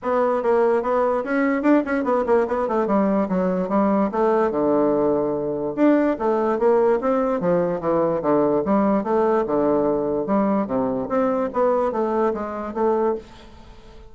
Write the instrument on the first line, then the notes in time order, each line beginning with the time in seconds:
bassoon
0.02 B3
0.43 A#3
0.82 B3
1.23 C#4
1.62 D4
1.85 C#4
2.03 B3
2.26 A#3
2.47 B3
2.67 A3
2.87 G3
3.28 F#3
3.68 G3
4.11 A3
4.51 D3
5.75 D4
6.18 A3
6.58 A#3
7.00 C4
7.40 F3
7.80 E3
8.22 D3
8.65 G3
9.03 A3
9.46 D3
10.26 G3
10.66 C3
11.08 C4
11.53 B3
11.92 A3
12.33 G#3
12.74 A3